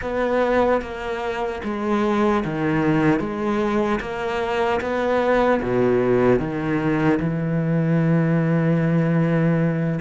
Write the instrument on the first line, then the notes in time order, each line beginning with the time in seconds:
cello
0.01 B3
0.81 A#3
1.64 G#3
2.44 D#3
3.19 G#3
4.00 A#3
4.80 B3
5.62 B2
6.39 D#3
7.19 E3